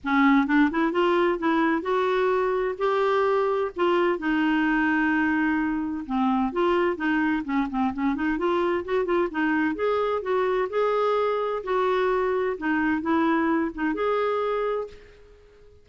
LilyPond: \new Staff \with { instrumentName = "clarinet" } { \time 4/4 \tempo 4 = 129 cis'4 d'8 e'8 f'4 e'4 | fis'2 g'2 | f'4 dis'2.~ | dis'4 c'4 f'4 dis'4 |
cis'8 c'8 cis'8 dis'8 f'4 fis'8 f'8 | dis'4 gis'4 fis'4 gis'4~ | gis'4 fis'2 dis'4 | e'4. dis'8 gis'2 | }